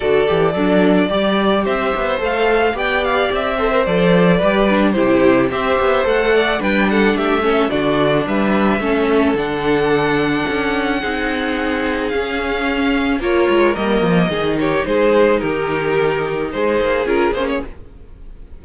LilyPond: <<
  \new Staff \with { instrumentName = "violin" } { \time 4/4 \tempo 4 = 109 d''2. e''4 | f''4 g''8 f''8 e''4 d''4~ | d''4 c''4 e''4 fis''4 | g''8 fis''8 e''4 d''4 e''4~ |
e''4 fis''2.~ | fis''2 f''2 | cis''4 dis''4. cis''8 c''4 | ais'2 c''4 ais'8 c''16 cis''16 | }
  \new Staff \with { instrumentName = "violin" } { \time 4/4 a'4 d'4 d''4 c''4~ | c''4 d''4. c''4. | b'4 g'4 c''4. d''8 | b'8 a'8 g'8 a'8 fis'4 b'4 |
a'1 | gis'1 | ais'2 gis'8 g'8 gis'4 | g'2 gis'2 | }
  \new Staff \with { instrumentName = "viola" } { \time 4/4 fis'8 g'8 a'4 g'2 | a'4 g'4. a'16 ais'16 a'4 | g'8 d'8 e'4 g'4 a'4 | d'4. cis'8 d'2 |
cis'4 d'2. | dis'2 cis'2 | f'4 ais4 dis'2~ | dis'2. f'8 cis'8 | }
  \new Staff \with { instrumentName = "cello" } { \time 4/4 d8 e8 fis4 g4 c'8 b8 | a4 b4 c'4 f4 | g4 c4 c'8 b8 a4 | g4 a4 d4 g4 |
a4 d2 cis'4 | c'2 cis'2 | ais8 gis8 g8 f8 dis4 gis4 | dis2 gis8 ais8 cis'8 ais8 | }
>>